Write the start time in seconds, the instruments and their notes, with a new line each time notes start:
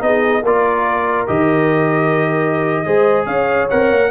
0.00 tuba B3, trombone D#4, horn G#4, trumpet D#5
0.43 tuba A#3, trombone F4, horn A#4, trumpet D5
1.27 tuba D#3, trombone G4, trumpet D#5
2.85 tuba G#3, trombone G#4, horn C5
3.26 tuba C#4, horn C#5, trumpet F5
3.70 tuba C4, trombone A#4, trumpet F#5
3.92 tuba A#3